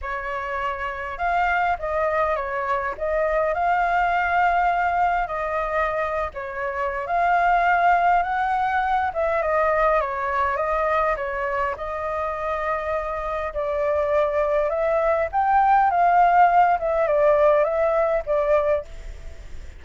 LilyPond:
\new Staff \with { instrumentName = "flute" } { \time 4/4 \tempo 4 = 102 cis''2 f''4 dis''4 | cis''4 dis''4 f''2~ | f''4 dis''4.~ dis''16 cis''4~ cis''16 | f''2 fis''4. e''8 |
dis''4 cis''4 dis''4 cis''4 | dis''2. d''4~ | d''4 e''4 g''4 f''4~ | f''8 e''8 d''4 e''4 d''4 | }